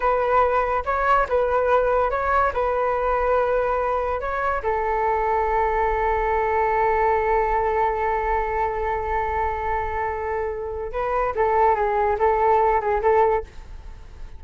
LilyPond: \new Staff \with { instrumentName = "flute" } { \time 4/4 \tempo 4 = 143 b'2 cis''4 b'4~ | b'4 cis''4 b'2~ | b'2 cis''4 a'4~ | a'1~ |
a'1~ | a'1~ | a'2 b'4 a'4 | gis'4 a'4. gis'8 a'4 | }